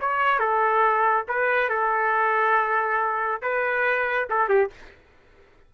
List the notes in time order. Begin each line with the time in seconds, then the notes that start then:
0.00 C#5
0.39 A4
1.28 B4
1.69 A4
3.42 B4
4.29 A4
4.49 G4